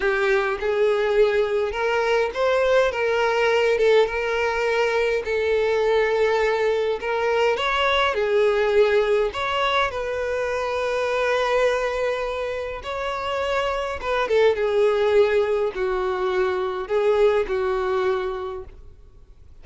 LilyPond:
\new Staff \with { instrumentName = "violin" } { \time 4/4 \tempo 4 = 103 g'4 gis'2 ais'4 | c''4 ais'4. a'8 ais'4~ | ais'4 a'2. | ais'4 cis''4 gis'2 |
cis''4 b'2.~ | b'2 cis''2 | b'8 a'8 gis'2 fis'4~ | fis'4 gis'4 fis'2 | }